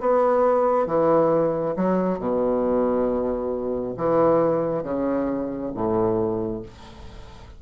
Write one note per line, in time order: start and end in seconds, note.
0.00 0.87 B3
0.87 1.75 E3
1.76 2.19 F#3
2.19 3.95 B2
3.97 4.84 E3
4.84 5.72 C#3
5.74 6.63 A2